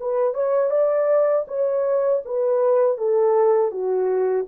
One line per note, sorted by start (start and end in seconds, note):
0.00 0.34 B4
0.34 0.71 C#5
0.71 1.46 D5
1.48 2.23 C#5
2.25 2.97 B4
2.97 3.71 A4
3.71 4.46 F#4